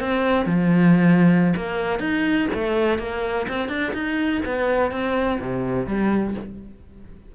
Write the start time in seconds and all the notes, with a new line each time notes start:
0.00 C4
0.46 F3
1.56 A#3
2.00 D#4
2.54 A3
2.99 A#3
3.49 C4
3.69 D4
3.94 D#4
4.46 B3
4.92 C4
5.41 C3
5.87 G3